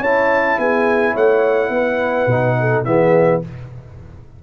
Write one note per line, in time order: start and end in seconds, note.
0.00 0.57 C#4
0.00 2.30 E4
0.00 0.58 C#5
0.00 0.59 A5
0.59 1.15 B3
0.59 1.13 G#4
0.59 1.16 G#5
1.13 1.69 A3
1.13 1.70 C#5
1.13 2.85 F#5
1.69 2.26 B3
1.69 2.58 B4
2.27 2.84 B2
2.27 2.85 D#4
2.60 2.87 A4
2.85 3.42 E3
2.85 3.42 B3
2.85 3.44 G#4
2.85 3.42 E5